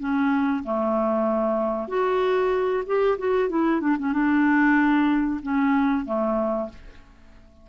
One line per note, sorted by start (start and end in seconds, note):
0.00 0.64 C#4
0.64 1.88 A3
1.88 2.84 F#4
2.87 3.19 G4
3.19 3.50 F#4
3.50 3.81 E4
3.81 3.97 D4
3.99 4.13 C#4
4.13 5.41 D4
5.43 6.06 C#4
6.06 6.70 A3